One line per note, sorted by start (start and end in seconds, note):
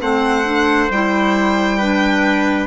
0.00 0.90 A3
0.00 0.44 C4
0.00 1.78 C5
0.00 0.90 F#5
0.44 0.89 D4
0.90 2.67 G3
0.90 1.80 E4
0.90 2.67 G5
1.78 2.67 D4
1.78 2.67 B4